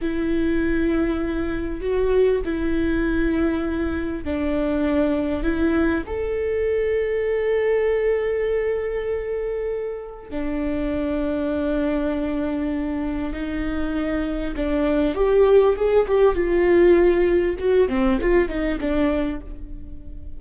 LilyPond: \new Staff \with { instrumentName = "viola" } { \time 4/4 \tempo 4 = 99 e'2. fis'4 | e'2. d'4~ | d'4 e'4 a'2~ | a'1~ |
a'4 d'2.~ | d'2 dis'2 | d'4 g'4 gis'8 g'8 f'4~ | f'4 fis'8 c'8 f'8 dis'8 d'4 | }